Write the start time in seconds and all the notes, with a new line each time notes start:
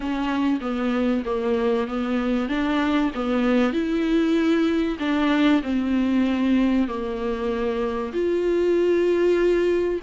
0.00 C#4
0.61 B3
1.25 A#3
1.88 B3
2.48 D4
3.14 B3
3.72 E4
4.99 D4
5.62 C4
6.87 A#3
8.12 F4